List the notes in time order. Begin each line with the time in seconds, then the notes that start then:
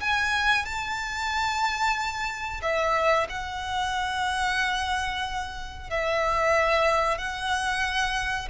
0.00 G#5
0.65 A5
2.61 E5
3.29 F#5
5.90 E5
7.18 F#5